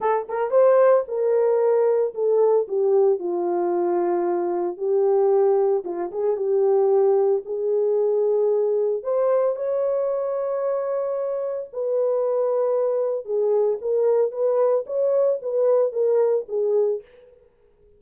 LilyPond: \new Staff \with { instrumentName = "horn" } { \time 4/4 \tempo 4 = 113 a'8 ais'8 c''4 ais'2 | a'4 g'4 f'2~ | f'4 g'2 f'8 gis'8 | g'2 gis'2~ |
gis'4 c''4 cis''2~ | cis''2 b'2~ | b'4 gis'4 ais'4 b'4 | cis''4 b'4 ais'4 gis'4 | }